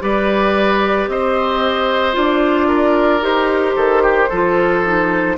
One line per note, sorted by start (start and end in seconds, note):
0.00 1.08 G3
0.00 2.13 G4
0.00 1.10 B4
0.00 1.09 D5
1.08 2.15 C4
1.08 2.68 C5
1.08 2.16 D#5
2.13 3.22 D4
2.13 3.21 F4
2.13 3.24 D5
2.68 3.75 A#4
3.22 3.76 D#4
3.22 4.29 G4
3.22 5.38 C5
3.76 4.30 D#3
3.76 4.03 A4
4.03 4.29 G4
4.29 5.38 F3
4.29 4.85 F4
4.29 5.37 A4
4.85 5.38 D#4